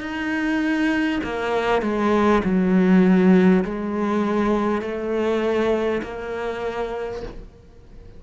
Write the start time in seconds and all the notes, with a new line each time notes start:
0.00 D#4
1.23 A#3
1.82 G#3
2.44 F#3
3.64 G#3
4.82 A3
6.03 A#3